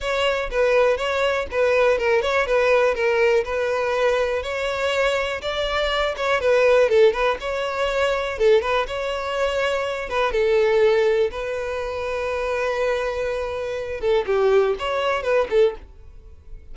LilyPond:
\new Staff \with { instrumentName = "violin" } { \time 4/4 \tempo 4 = 122 cis''4 b'4 cis''4 b'4 | ais'8 cis''8 b'4 ais'4 b'4~ | b'4 cis''2 d''4~ | d''8 cis''8 b'4 a'8 b'8 cis''4~ |
cis''4 a'8 b'8 cis''2~ | cis''8 b'8 a'2 b'4~ | b'1~ | b'8 a'8 g'4 cis''4 b'8 a'8 | }